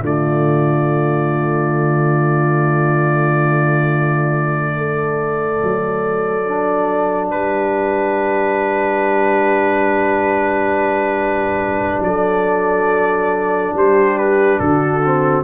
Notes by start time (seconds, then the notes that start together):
0.00 D3 A3 F4 D5
4.77 A4
5.62 F#3
6.44 D4
7.30 G3 G4 B4
12.00 F#3 A4 D5
13.73 G3 G4 C5
14.17 B4
14.59 D3 F#4 A4
15.04 C4